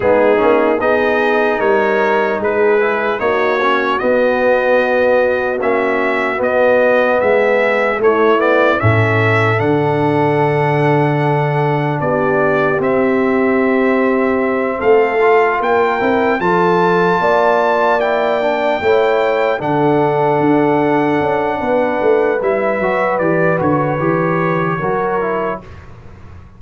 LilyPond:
<<
  \new Staff \with { instrumentName = "trumpet" } { \time 4/4 \tempo 4 = 75 gis'4 dis''4 cis''4 b'4 | cis''4 dis''2 e''4 | dis''4 e''4 cis''8 d''8 e''4 | fis''2. d''4 |
e''2~ e''8 f''4 g''8~ | g''8 a''2 g''4.~ | g''8 fis''2.~ fis''8 | e''4 d''8 cis''2~ cis''8 | }
  \new Staff \with { instrumentName = "horn" } { \time 4/4 dis'4 gis'4 ais'4 gis'4 | fis'1~ | fis'4 gis'4 e'4 a'4~ | a'2. g'4~ |
g'2~ g'8 a'4 ais'8~ | ais'8 a'4 d''2 cis''8~ | cis''8 a'2~ a'8 b'4~ | b'2. ais'4 | }
  \new Staff \with { instrumentName = "trombone" } { \time 4/4 b8 cis'8 dis'2~ dis'8 e'8 | dis'8 cis'8 b2 cis'4 | b2 a8 b8 cis'4 | d'1 |
c'2. f'4 | e'8 f'2 e'8 d'8 e'8~ | e'8 d'2.~ d'8 | e'8 fis'8 g'8 fis'8 g'4 fis'8 e'8 | }
  \new Staff \with { instrumentName = "tuba" } { \time 4/4 gis8 ais8 b4 g4 gis4 | ais4 b2 ais4 | b4 gis4 a4 a,4 | d2. b4 |
c'2~ c'8 a4 ais8 | c'8 f4 ais2 a8~ | a8 d4 d'4 cis'8 b8 a8 | g8 fis8 e8 d8 e4 fis4 | }
>>